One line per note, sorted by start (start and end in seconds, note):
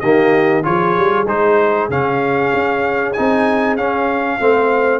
0.00 0.65 D#3
0.00 0.63 A#3
0.00 0.64 G4
0.00 0.62 D#5
0.63 0.97 F3
0.63 1.25 F4
0.63 4.40 G#4
0.63 1.27 C#5
0.97 1.26 G3
1.26 1.88 G#3
1.26 1.90 D#4
1.26 1.90 C5
1.89 2.51 C#3
1.89 3.15 C#4
1.89 3.13 F5
2.54 3.16 C#4
3.13 3.76 C4
3.13 3.78 D#4
3.13 3.75 G#5
3.76 4.39 C#4
3.76 4.40 C#4
3.76 4.99 F5
4.40 4.99 A3
4.40 4.99 C4
4.40 4.99 C5